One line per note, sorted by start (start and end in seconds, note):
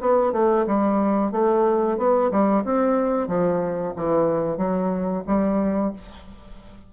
0.00 0.32 B3
0.32 0.65 A3
0.66 1.31 G3
1.31 1.97 A3
1.98 2.30 B3
2.31 2.64 G3
2.64 3.27 C4
3.27 3.93 F3
3.96 4.57 E3
4.57 5.23 F#3
5.27 5.93 G3